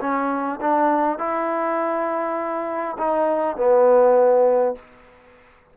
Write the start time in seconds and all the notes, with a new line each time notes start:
0.00 C#4
0.61 D4
1.18 E4
2.98 D#4
3.56 B3